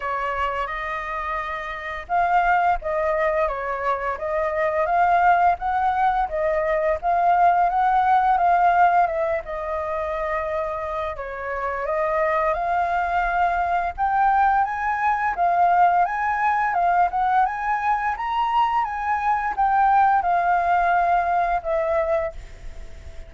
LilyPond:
\new Staff \with { instrumentName = "flute" } { \time 4/4 \tempo 4 = 86 cis''4 dis''2 f''4 | dis''4 cis''4 dis''4 f''4 | fis''4 dis''4 f''4 fis''4 | f''4 e''8 dis''2~ dis''8 |
cis''4 dis''4 f''2 | g''4 gis''4 f''4 gis''4 | f''8 fis''8 gis''4 ais''4 gis''4 | g''4 f''2 e''4 | }